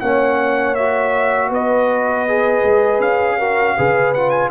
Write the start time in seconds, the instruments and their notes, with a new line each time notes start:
0.00 tuba A#3, trombone C#4, horn C#5, trumpet F#5
0.75 trombone F#4, trumpet E5
1.49 tuba B3, horn B4, trumpet D#5
2.28 trombone G#4
2.63 tuba G#3
2.99 tuba C#4, trumpet F5
3.38 trombone F#4, horn A#4
3.77 tuba C#3, trombone G#4, horn B4
4.14 trombone F4, trumpet F#5
4.30 trumpet G#5